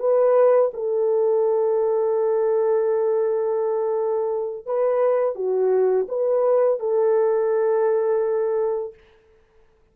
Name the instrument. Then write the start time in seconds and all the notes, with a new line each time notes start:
horn
0.00 B4
0.74 A4
4.66 B4
5.36 F#4
6.09 B4
6.80 A4